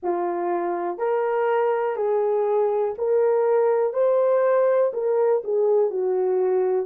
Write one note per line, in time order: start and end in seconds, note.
0.02 0.98 F4
0.98 1.95 A#4
1.95 2.94 G#4
2.98 3.93 A#4
3.93 4.91 C5
4.93 5.42 A#4
5.44 5.90 G#4
5.90 6.85 F#4